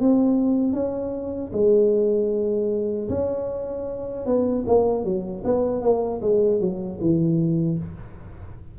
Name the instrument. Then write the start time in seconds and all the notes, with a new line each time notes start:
tuba
0.00 C4
0.73 C#4
1.53 G#3
3.09 C#4
4.26 B3
4.67 A#3
5.04 F#3
5.44 B3
5.82 A#3
6.22 G#3
6.60 F#3
7.01 E3